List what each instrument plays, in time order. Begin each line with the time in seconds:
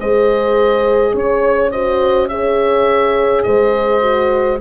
0.00 tuba G#3, horn G#4 C5, oboe D#5
1.14 tuba C#4, horn C#5, oboe C#5
1.71 horn F#4 C5, oboe D#5
2.29 horn G#4 C#5, oboe E5
3.43 tuba G#3, horn C5, oboe D#5
4.01 horn F#4